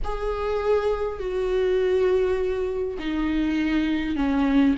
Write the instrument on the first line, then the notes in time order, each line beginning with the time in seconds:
viola
0.04 G#4
1.19 F#4
2.98 D#4
4.16 C#4